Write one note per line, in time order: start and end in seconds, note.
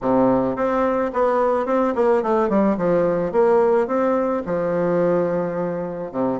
0.01 0.56 C3
0.56 1.11 C4
1.13 1.66 B3
1.66 1.93 C4
1.95 2.22 A#3
2.22 2.49 A3
2.49 2.77 G3
2.77 3.32 F3
3.32 3.87 A#3
3.87 4.42 C4
4.45 6.11 F3
6.11 6.39 C3